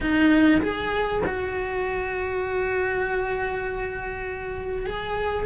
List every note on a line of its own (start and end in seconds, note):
0.00 0.61 D#4
0.61 1.22 G#4
1.26 4.85 F#4
4.85 5.45 G#4